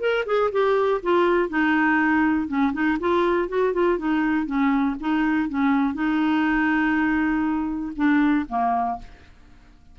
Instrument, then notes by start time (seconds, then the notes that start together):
clarinet
0.00 A#4
0.26 G#4
0.52 G4
1.03 F4
1.49 D#4
2.48 C#4
2.73 D#4
3.00 F4
3.49 F#4
3.74 F4
3.98 D#4
4.46 C#4
5.00 D#4
5.49 C#4
5.94 D#4
7.96 D4
8.49 A#3